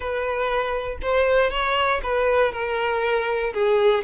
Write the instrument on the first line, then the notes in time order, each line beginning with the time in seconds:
violin
0.00 B4
1.02 C5
1.50 C#5
2.03 B4
2.52 A#4
3.53 G#4